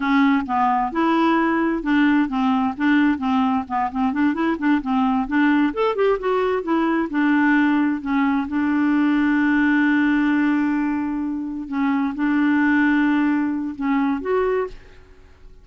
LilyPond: \new Staff \with { instrumentName = "clarinet" } { \time 4/4 \tempo 4 = 131 cis'4 b4 e'2 | d'4 c'4 d'4 c'4 | b8 c'8 d'8 e'8 d'8 c'4 d'8~ | d'8 a'8 g'8 fis'4 e'4 d'8~ |
d'4. cis'4 d'4.~ | d'1~ | d'4. cis'4 d'4.~ | d'2 cis'4 fis'4 | }